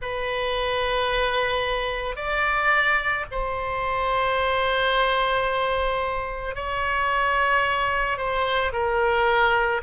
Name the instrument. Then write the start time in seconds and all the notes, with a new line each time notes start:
oboe
0.01 B4
2.16 D5
3.31 C5
6.55 C#5
8.17 C5
8.72 A#4